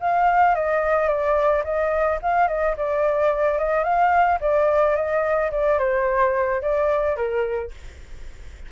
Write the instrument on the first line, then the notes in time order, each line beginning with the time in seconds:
flute
0.00 F5
0.55 D#5
1.08 D5
1.64 D#5
2.22 F5
2.48 D#5
2.77 D5
3.58 D#5
3.84 F5
4.40 D5
4.95 D#5
5.51 D5
5.78 C5
6.61 D5
7.16 A#4